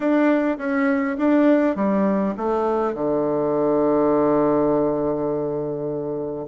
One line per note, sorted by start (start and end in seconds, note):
0.00 0.57 D4
0.58 1.17 C#4
1.18 1.75 D4
1.75 2.34 G3
2.37 2.94 A3
2.94 6.47 D3